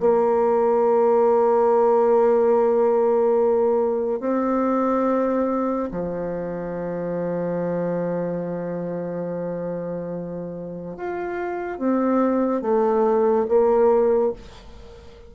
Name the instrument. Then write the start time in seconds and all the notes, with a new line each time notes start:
bassoon
0.00 A#3
4.20 C4
5.91 F3
10.97 F4
11.78 C4
12.61 A3
13.48 A#3